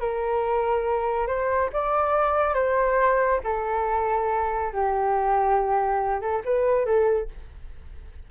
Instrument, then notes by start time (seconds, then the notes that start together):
flute
0.00 A#4
1.27 C5
1.73 D5
2.54 C5
3.44 A4
4.73 G4
6.21 A4
6.45 B4
6.85 A4